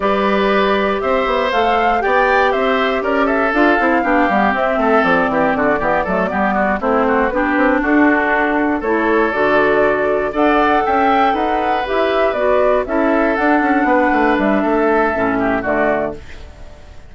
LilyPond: <<
  \new Staff \with { instrumentName = "flute" } { \time 4/4 \tempo 4 = 119 d''2 e''4 f''4 | g''4 e''4 d''8 e''8 f''4~ | f''4 e''4 d''2~ | d''4. c''4 b'4 a'8~ |
a'4. cis''4 d''4.~ | d''8 fis''4 g''4 fis''4 e''8~ | e''8 d''4 e''4 fis''4.~ | fis''8 e''2~ e''8 d''4 | }
  \new Staff \with { instrumentName = "oboe" } { \time 4/4 b'2 c''2 | d''4 c''4 ais'8 a'4. | g'4. a'4 g'8 fis'8 g'8 | a'8 g'8 fis'8 e'8 fis'8 g'4 fis'8~ |
fis'4. a'2~ a'8~ | a'8 d''4 e''4 b'4.~ | b'4. a'2 b'8~ | b'4 a'4. g'8 fis'4 | }
  \new Staff \with { instrumentName = "clarinet" } { \time 4/4 g'2. a'4 | g'2. f'8 e'8 | d'8 b8 c'2~ c'8 b8 | a8 b4 c'4 d'4.~ |
d'4. e'4 fis'4.~ | fis'8 a'2. g'8~ | g'8 fis'4 e'4 d'4.~ | d'2 cis'4 a4 | }
  \new Staff \with { instrumentName = "bassoon" } { \time 4/4 g2 c'8 b8 a4 | b4 c'4 cis'4 d'8 c'8 | b8 g8 c'8 a8 f8 e8 d8 e8 | fis8 g4 a4 b8 c'8 d'8~ |
d'4. a4 d4.~ | d8 d'4 cis'4 dis'4 e'8~ | e'8 b4 cis'4 d'8 cis'8 b8 | a8 g8 a4 a,4 d4 | }
>>